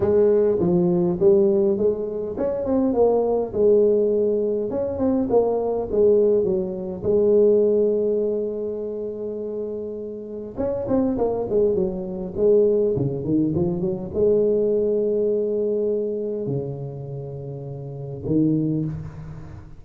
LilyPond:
\new Staff \with { instrumentName = "tuba" } { \time 4/4 \tempo 4 = 102 gis4 f4 g4 gis4 | cis'8 c'8 ais4 gis2 | cis'8 c'8 ais4 gis4 fis4 | gis1~ |
gis2 cis'8 c'8 ais8 gis8 | fis4 gis4 cis8 dis8 f8 fis8 | gis1 | cis2. dis4 | }